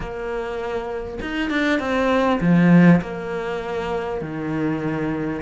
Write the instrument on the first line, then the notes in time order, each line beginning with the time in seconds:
cello
0.00 A#3
1.21 D#4
1.50 D4
1.79 C4
2.41 F3
3.01 A#3
4.21 D#3